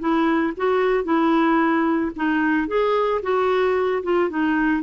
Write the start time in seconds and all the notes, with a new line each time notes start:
0.00 E4
0.57 F#4
1.04 E4
2.16 D#4
2.68 G#4
3.23 F#4
4.03 F4
4.30 D#4